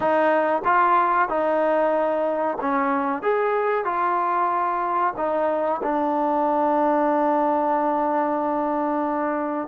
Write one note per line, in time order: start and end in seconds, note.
0.00 0.62 D#4
0.65 1.28 F4
1.28 2.57 D#4
2.60 3.22 C#4
3.22 3.84 G#4
3.84 5.13 F4
5.16 5.81 D#4
5.82 9.68 D4